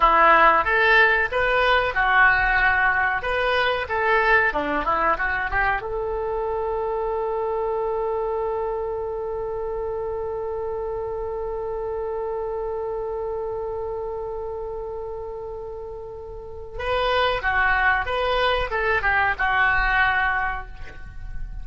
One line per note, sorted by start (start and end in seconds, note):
0.00 0.64 E4
0.64 1.28 A4
1.31 1.94 B4
1.94 3.22 F#4
3.22 3.86 B4
3.89 4.53 A4
4.53 4.84 D4
4.84 5.16 E4
5.18 5.50 F#4
5.50 5.81 G4
5.81 16.78 A4
16.78 17.42 B4
17.42 18.05 F#4
18.05 18.70 B4
18.70 19.02 A4
19.02 19.34 G4
19.38 20.67 F#4